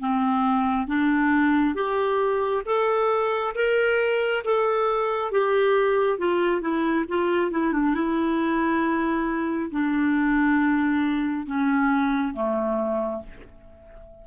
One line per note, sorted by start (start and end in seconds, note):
0.00 0.87 C4
0.87 1.74 D4
1.74 2.63 G4
2.66 3.54 A4
3.55 4.43 A#4
4.44 5.31 A4
5.31 6.18 G4
6.18 6.61 F4
6.61 7.05 E4
7.09 7.51 F4
7.51 7.73 E4
7.73 7.95 D4
7.95 9.71 E4
9.71 11.47 D4
11.47 12.34 C#4
12.34 13.22 A3